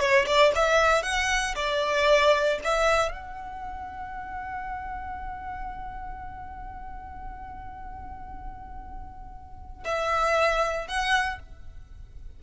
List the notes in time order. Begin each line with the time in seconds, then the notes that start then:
0.00 C#5
0.27 D5
0.55 E5
1.03 F#5
1.56 D5
2.64 E5
3.12 F#5
9.85 E5
10.88 F#5